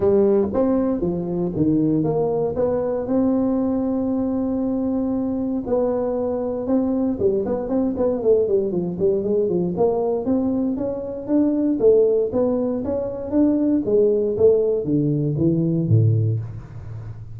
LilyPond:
\new Staff \with { instrumentName = "tuba" } { \time 4/4 \tempo 4 = 117 g4 c'4 f4 dis4 | ais4 b4 c'2~ | c'2. b4~ | b4 c'4 g8 b8 c'8 b8 |
a8 g8 f8 g8 gis8 f8 ais4 | c'4 cis'4 d'4 a4 | b4 cis'4 d'4 gis4 | a4 d4 e4 a,4 | }